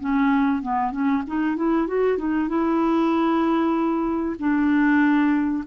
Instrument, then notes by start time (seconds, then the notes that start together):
clarinet
0.00 C#4
0.62 B3
0.91 C#4
1.27 D#4
1.56 E4
1.87 F#4
2.17 D#4
2.48 E4
4.39 D4